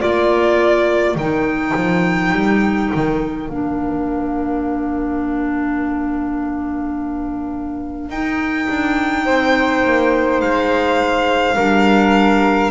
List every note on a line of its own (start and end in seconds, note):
0.00 1.15 A#3
0.00 1.15 F4
0.00 9.25 A#4
0.00 1.17 D5
1.15 1.73 D#3
1.15 3.49 D#4
1.15 3.49 G5
1.76 2.32 F3
2.32 2.90 G3
2.95 3.49 D#3
3.49 8.10 A#3
3.49 8.11 D4
3.49 8.11 F5
8.10 8.67 D#4
8.10 11.57 D#4
8.10 10.41 G5
8.69 9.26 D4
9.25 9.84 C4
9.25 11.56 C5
9.85 10.42 A#3
10.41 11.57 G#3
10.41 12.71 F5
11.56 12.71 G3
11.56 12.71 D4
11.56 12.71 A#4